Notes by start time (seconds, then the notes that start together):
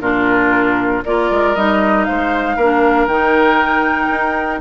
0.00 A#2 D4 F4 A#4
1.04 A#3 F4 A#4 D5
1.30 G#3
1.54 G3 D#4 D#5
2.04 G#3 C5 F5
2.56 A#3 D4 A#4
3.06 D#3 D#4 G5
4.09 D#4